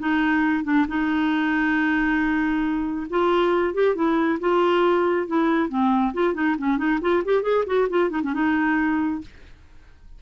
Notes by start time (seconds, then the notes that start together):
0.00 D#4
0.64 D4
0.88 D#4
3.11 F4
3.75 G4
3.96 E4
4.41 F4
5.28 E4
5.69 C4
6.14 F4
6.35 D#4
6.59 C#4
6.78 D#4
7.02 F4
7.25 G4
7.43 G#4
7.67 F#4
7.90 F4
8.11 D#4
8.23 C#4
8.34 D#4